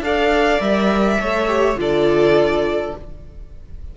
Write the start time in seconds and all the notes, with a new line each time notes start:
0.00 D4 A4 D5 F5
0.59 G3 A#4 E5
1.19 A3 A4 C#5
1.47 G4
1.75 D3 F4 A4 D5